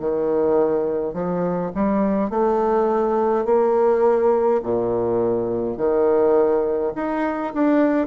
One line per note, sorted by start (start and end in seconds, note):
0.00 1.14 D#3
1.14 1.72 F3
1.75 2.30 G3
2.30 3.46 A3
3.46 4.61 A#3
4.64 5.78 A#2
5.78 6.93 D#3
6.96 7.54 D#4
7.55 8.08 D4